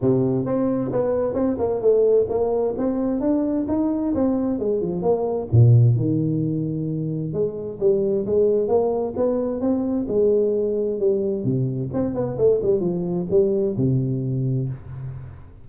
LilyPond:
\new Staff \with { instrumentName = "tuba" } { \time 4/4 \tempo 4 = 131 c4 c'4 b4 c'8 ais8 | a4 ais4 c'4 d'4 | dis'4 c'4 gis8 f8 ais4 | ais,4 dis2. |
gis4 g4 gis4 ais4 | b4 c'4 gis2 | g4 c4 c'8 b8 a8 g8 | f4 g4 c2 | }